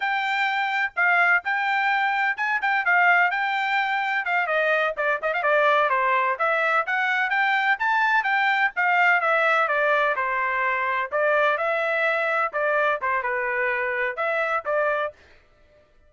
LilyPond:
\new Staff \with { instrumentName = "trumpet" } { \time 4/4 \tempo 4 = 127 g''2 f''4 g''4~ | g''4 gis''8 g''8 f''4 g''4~ | g''4 f''8 dis''4 d''8 dis''16 f''16 d''8~ | d''8 c''4 e''4 fis''4 g''8~ |
g''8 a''4 g''4 f''4 e''8~ | e''8 d''4 c''2 d''8~ | d''8 e''2 d''4 c''8 | b'2 e''4 d''4 | }